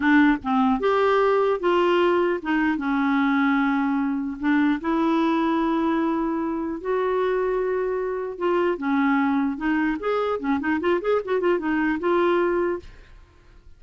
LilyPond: \new Staff \with { instrumentName = "clarinet" } { \time 4/4 \tempo 4 = 150 d'4 c'4 g'2 | f'2 dis'4 cis'4~ | cis'2. d'4 | e'1~ |
e'4 fis'2.~ | fis'4 f'4 cis'2 | dis'4 gis'4 cis'8 dis'8 f'8 gis'8 | fis'8 f'8 dis'4 f'2 | }